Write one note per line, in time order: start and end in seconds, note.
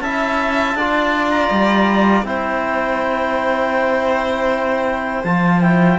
0.00 0.74 C#4
0.00 0.78 E4
0.00 0.77 E5
0.00 1.30 A5
0.74 1.49 D4
0.74 2.25 F4
0.74 2.27 D5
1.30 2.24 A#5
1.50 2.23 G3
2.23 5.23 C4
2.23 5.25 E4
2.23 5.99 C5
2.23 5.24 G5
5.24 5.99 F3
5.24 5.62 F4
5.24 5.61 A5
5.61 5.99 E4
5.61 5.98 G5